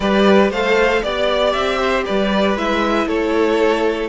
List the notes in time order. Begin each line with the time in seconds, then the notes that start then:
0.00 G3 G4 B4 D5
0.50 A3 A4 C5 F5
1.03 B3 G4 D5
1.52 C4 E5
1.78 C5
2.05 G3 B4 D5
2.55 G#3 E4 E5
3.07 A3 A4 C#5